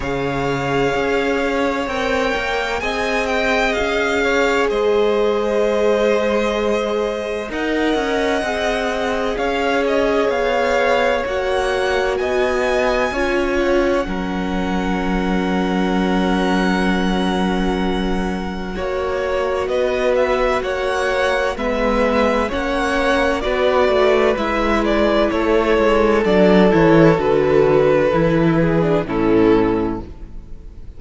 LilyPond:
<<
  \new Staff \with { instrumentName = "violin" } { \time 4/4 \tempo 4 = 64 f''2 g''4 gis''8 g''8 | f''4 dis''2. | fis''2 f''8 dis''8 f''4 | fis''4 gis''4. fis''4.~ |
fis''1~ | fis''4 dis''8 e''8 fis''4 e''4 | fis''4 d''4 e''8 d''8 cis''4 | d''8 cis''8 b'2 a'4 | }
  \new Staff \with { instrumentName = "violin" } { \time 4/4 cis''2. dis''4~ | dis''8 cis''8 c''2. | dis''2 cis''2~ | cis''4 dis''4 cis''4 ais'4~ |
ais'1 | cis''4 b'4 cis''4 b'4 | cis''4 b'2 a'4~ | a'2~ a'8 gis'8 e'4 | }
  \new Staff \with { instrumentName = "viola" } { \time 4/4 gis'2 ais'4 gis'4~ | gis'1 | ais'4 gis'2. | fis'2 f'4 cis'4~ |
cis'1 | fis'2. b4 | cis'4 fis'4 e'2 | d'8 e'8 fis'4 e'8. d'16 cis'4 | }
  \new Staff \with { instrumentName = "cello" } { \time 4/4 cis4 cis'4 c'8 ais8 c'4 | cis'4 gis2. | dis'8 cis'8 c'4 cis'4 b4 | ais4 b4 cis'4 fis4~ |
fis1 | ais4 b4 ais4 gis4 | ais4 b8 a8 gis4 a8 gis8 | fis8 e8 d4 e4 a,4 | }
>>